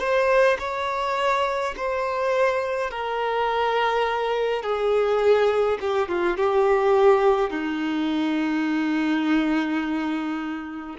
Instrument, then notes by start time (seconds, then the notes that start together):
violin
0.00 C5
0.60 C#5
1.77 C5
2.91 A#4
4.63 G#4
5.81 G4
6.09 F4
6.38 G4
7.51 D#4